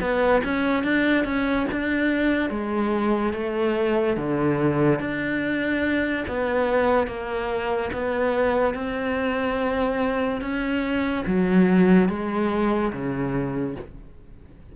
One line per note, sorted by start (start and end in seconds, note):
0.00 0.42 B3
0.44 0.83 C#4
0.83 1.24 D4
1.24 1.66 C#4
1.71 2.50 D4
2.50 3.33 G#3
3.33 4.16 A3
4.16 4.99 D3
4.99 6.24 D4
6.27 7.06 B3
7.06 7.90 A#3
7.92 8.74 B3
8.74 10.41 C4
10.41 11.24 C#4
11.26 12.08 F#3
12.08 12.92 G#3
12.92 13.75 C#3